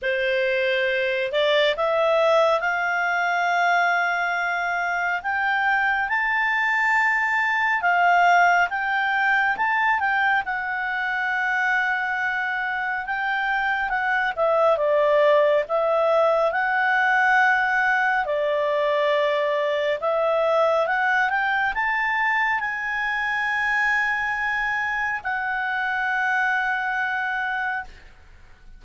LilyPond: \new Staff \with { instrumentName = "clarinet" } { \time 4/4 \tempo 4 = 69 c''4. d''8 e''4 f''4~ | f''2 g''4 a''4~ | a''4 f''4 g''4 a''8 g''8 | fis''2. g''4 |
fis''8 e''8 d''4 e''4 fis''4~ | fis''4 d''2 e''4 | fis''8 g''8 a''4 gis''2~ | gis''4 fis''2. | }